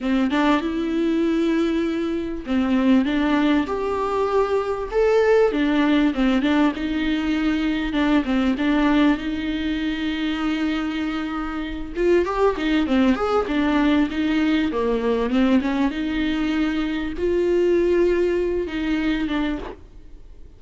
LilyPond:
\new Staff \with { instrumentName = "viola" } { \time 4/4 \tempo 4 = 98 c'8 d'8 e'2. | c'4 d'4 g'2 | a'4 d'4 c'8 d'8 dis'4~ | dis'4 d'8 c'8 d'4 dis'4~ |
dis'2.~ dis'8 f'8 | g'8 dis'8 c'8 gis'8 d'4 dis'4 | ais4 c'8 cis'8 dis'2 | f'2~ f'8 dis'4 d'8 | }